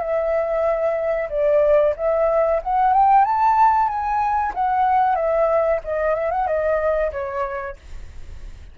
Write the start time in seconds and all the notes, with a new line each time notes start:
0.00 E5
1.30 D5
1.96 E5
2.63 F#5
2.93 G5
3.25 A5
3.88 G#5
4.54 F#5
5.16 E5
5.84 D#5
6.15 E5
6.31 F#5
6.47 D#5
7.12 C#5